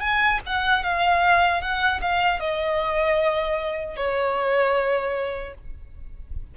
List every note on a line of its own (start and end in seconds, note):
0.00 0.39 G#5
0.46 0.83 F#5
0.83 1.61 F5
1.61 2.01 F#5
2.01 2.40 F5
2.40 3.96 D#5
3.96 5.54 C#5